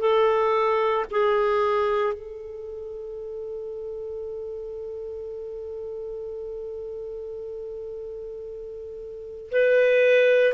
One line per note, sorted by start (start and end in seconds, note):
0.00 1.05 A4
1.11 2.13 G#4
2.13 9.50 A4
9.51 10.54 B4